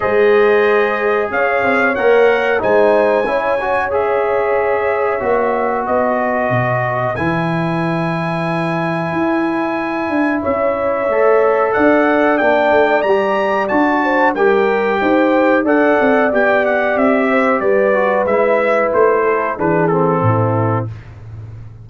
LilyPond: <<
  \new Staff \with { instrumentName = "trumpet" } { \time 4/4 \tempo 4 = 92 dis''2 f''4 fis''4 | gis''2 e''2~ | e''4 dis''2 gis''4~ | gis''1 |
e''2 fis''4 g''4 | ais''4 a''4 g''2 | fis''4 g''8 fis''8 e''4 d''4 | e''4 c''4 b'8 a'4. | }
  \new Staff \with { instrumentName = "horn" } { \time 4/4 c''2 cis''2 | c''4 cis''2.~ | cis''4 b'2.~ | b'1 |
cis''2 d''2~ | d''4. c''8 ais'4 c''4 | d''2~ d''8 c''8 b'4~ | b'4. a'8 gis'4 e'4 | }
  \new Staff \with { instrumentName = "trombone" } { \time 4/4 gis'2. ais'4 | dis'4 e'8 fis'8 gis'2 | fis'2. e'4~ | e'1~ |
e'4 a'2 d'4 | g'4 fis'4 g'2 | a'4 g'2~ g'8 fis'8 | e'2 d'8 c'4. | }
  \new Staff \with { instrumentName = "tuba" } { \time 4/4 gis2 cis'8 c'8 ais4 | gis4 cis'2. | ais4 b4 b,4 e4~ | e2 e'4. d'8 |
cis'4 a4 d'4 ais8 a8 | g4 d'4 g4 dis'4 | d'8 c'8 b4 c'4 g4 | gis4 a4 e4 a,4 | }
>>